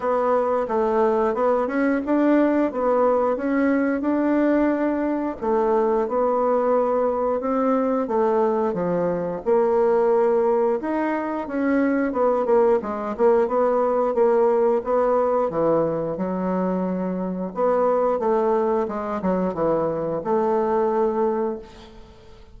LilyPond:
\new Staff \with { instrumentName = "bassoon" } { \time 4/4 \tempo 4 = 89 b4 a4 b8 cis'8 d'4 | b4 cis'4 d'2 | a4 b2 c'4 | a4 f4 ais2 |
dis'4 cis'4 b8 ais8 gis8 ais8 | b4 ais4 b4 e4 | fis2 b4 a4 | gis8 fis8 e4 a2 | }